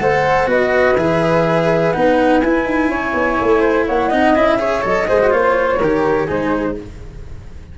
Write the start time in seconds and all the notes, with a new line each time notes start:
0.00 A3 A4 C5 F#5
0.47 B3 F#4 B4 D#5
0.97 E3 G#4 E5
1.93 B3 D#4 F#5
2.41 E4 G#5
2.65 D#4
2.89 C#4 C#5
3.14 B3
3.41 A3
3.61 C5
3.87 A#3 C#5 F#5
4.09 C4 D#4 D#5
4.36 C#4 E4 E5
4.59 G#4 C#5
4.82 F#3 A4 D#5
5.07 G#3 G#4 C5
5.20 F#4
5.31 A#3 F4 C#5
5.79 D#3 G4 A#4
6.26 G#3 D#4 G#4 C5